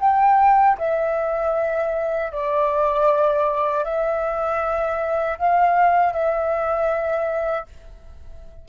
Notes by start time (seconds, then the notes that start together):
0.00 G5
0.78 E5
2.32 D5
3.84 E5
5.38 F5
6.13 E5